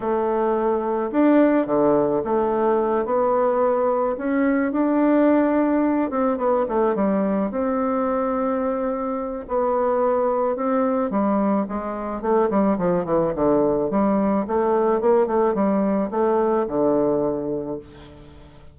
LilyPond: \new Staff \with { instrumentName = "bassoon" } { \time 4/4 \tempo 4 = 108 a2 d'4 d4 | a4. b2 cis'8~ | cis'8 d'2~ d'8 c'8 b8 | a8 g4 c'2~ c'8~ |
c'4 b2 c'4 | g4 gis4 a8 g8 f8 e8 | d4 g4 a4 ais8 a8 | g4 a4 d2 | }